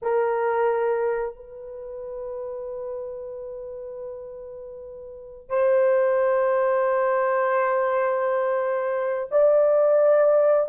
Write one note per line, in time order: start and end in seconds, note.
0.02 1.35 A#4
1.35 5.49 B4
5.49 9.28 C5
9.31 10.68 D5